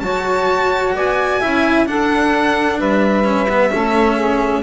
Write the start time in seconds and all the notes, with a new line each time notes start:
0.00 F#3 F#4 C#5 A5
0.94 B3 D5 G#5
1.40 C#4 E4 E5
1.86 D4 A4 F#5
2.78 G3 B4 E5
3.24 C#4
3.49 B3
3.70 A3 C#4 A4
4.15 G#4